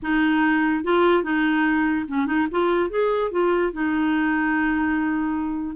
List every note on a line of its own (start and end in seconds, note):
0.02 0.84 D#4
0.84 1.23 F4
1.23 2.06 D#4
2.08 2.26 C#4
2.26 2.47 D#4
2.51 2.90 F4
2.90 3.31 G#4
3.31 3.72 F4
3.73 5.76 D#4